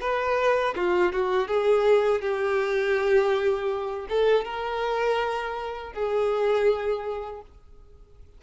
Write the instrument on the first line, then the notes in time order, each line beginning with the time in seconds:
violin
0.00 B4
0.75 F4
1.12 F#4
1.47 G#4
2.21 G4
4.08 A4
4.44 A#4
5.93 G#4